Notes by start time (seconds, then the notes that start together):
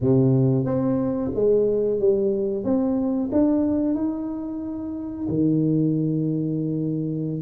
0.00 C3
0.65 C4
1.34 G#3
1.99 G3
2.64 C4
3.32 D4
3.94 D#4
5.28 D#3